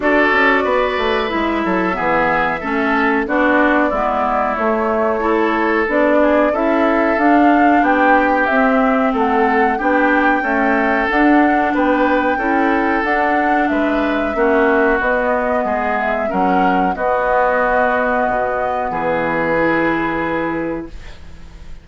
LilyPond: <<
  \new Staff \with { instrumentName = "flute" } { \time 4/4 \tempo 4 = 92 d''2 e''2~ | e''4 d''2 cis''4~ | cis''4 d''4 e''4 f''4 | g''4 e''4 fis''4 g''4~ |
g''4 fis''4 g''2 | fis''4 e''2 dis''4~ | dis''8 e''8 fis''4 dis''2~ | dis''4 b'2. | }
  \new Staff \with { instrumentName = "oboe" } { \time 4/4 a'4 b'4. a'8 gis'4 | a'4 fis'4 e'2 | a'4. gis'8 a'2 | g'2 a'4 g'4 |
a'2 b'4 a'4~ | a'4 b'4 fis'2 | gis'4 ais'4 fis'2~ | fis'4 gis'2. | }
  \new Staff \with { instrumentName = "clarinet" } { \time 4/4 fis'2 e'4 b4 | cis'4 d'4 b4 a4 | e'4 d'4 e'4 d'4~ | d'4 c'2 d'4 |
a4 d'2 e'4 | d'2 cis'4 b4~ | b4 cis'4 b2~ | b2 e'2 | }
  \new Staff \with { instrumentName = "bassoon" } { \time 4/4 d'8 cis'8 b8 a8 gis8 fis8 e4 | a4 b4 gis4 a4~ | a4 b4 cis'4 d'4 | b4 c'4 a4 b4 |
cis'4 d'4 b4 cis'4 | d'4 gis4 ais4 b4 | gis4 fis4 b2 | b,4 e2. | }
>>